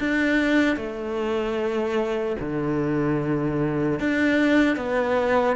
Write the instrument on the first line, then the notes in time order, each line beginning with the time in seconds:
cello
0.00 D4
0.76 A3
2.40 D3
4.00 D4
4.77 B3